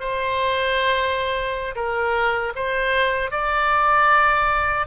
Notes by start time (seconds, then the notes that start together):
0.00 C5
1.76 A#4
2.56 C5
3.31 D5